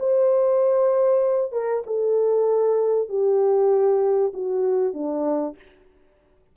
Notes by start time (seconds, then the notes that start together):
0.00 C5
1.53 A#4
1.87 A4
3.09 G4
4.34 F#4
4.94 D4